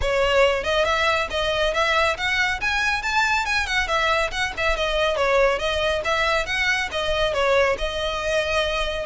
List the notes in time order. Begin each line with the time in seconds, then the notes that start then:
0.01 C#5
0.63 D#5
0.84 E5
1.30 D#5
1.73 E5
2.17 F#5
2.61 G#5
3.02 A5
3.45 G#5
3.66 F#5
3.87 E5
4.31 F#5
4.57 E5
4.76 D#5
5.16 C#5
5.58 D#5
6.04 E5
6.46 F#5
6.91 D#5
7.33 C#5
7.78 D#5